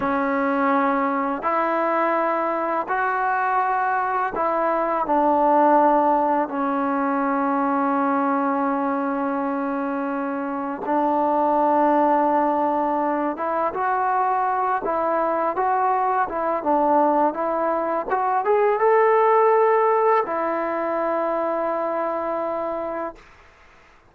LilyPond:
\new Staff \with { instrumentName = "trombone" } { \time 4/4 \tempo 4 = 83 cis'2 e'2 | fis'2 e'4 d'4~ | d'4 cis'2.~ | cis'2. d'4~ |
d'2~ d'8 e'8 fis'4~ | fis'8 e'4 fis'4 e'8 d'4 | e'4 fis'8 gis'8 a'2 | e'1 | }